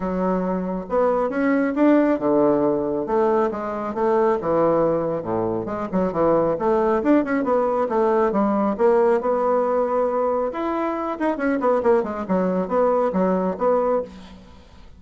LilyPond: \new Staff \with { instrumentName = "bassoon" } { \time 4/4 \tempo 4 = 137 fis2 b4 cis'4 | d'4 d2 a4 | gis4 a4 e2 | a,4 gis8 fis8 e4 a4 |
d'8 cis'8 b4 a4 g4 | ais4 b2. | e'4. dis'8 cis'8 b8 ais8 gis8 | fis4 b4 fis4 b4 | }